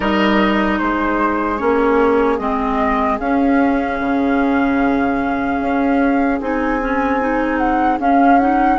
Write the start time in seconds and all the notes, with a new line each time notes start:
0.00 G3 D#4 A#4 D#5
0.78 G#3 G#4 C5
1.57 A#3 C#4 C#5
2.38 G#3 C4 D#5
3.19 C#4 F5
4.00 C#3
5.60 C#4
6.40 C4 D#4 G#5
6.80 C#4
7.20 D#4
7.57 F#5
7.99 C#4 F5
8.39 D#4 F#5